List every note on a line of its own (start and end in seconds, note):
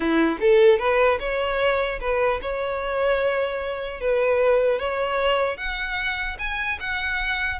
0.00 0.37 E4
0.40 0.79 A4
0.79 1.19 B4
1.19 1.99 C#5
2.00 2.40 B4
2.41 4.00 C#5
4.00 4.79 B4
4.79 5.57 C#5
5.57 6.37 F#5
6.38 6.78 G#5
6.80 7.59 F#5